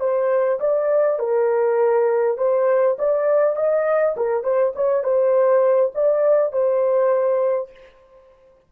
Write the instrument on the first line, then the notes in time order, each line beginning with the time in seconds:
horn
0.00 C5
0.60 D5
1.19 A#4
2.38 C5
2.99 D5
3.56 D#5
4.17 A#4
4.44 C5
4.76 C#5
5.04 C5
5.95 D5
6.52 C5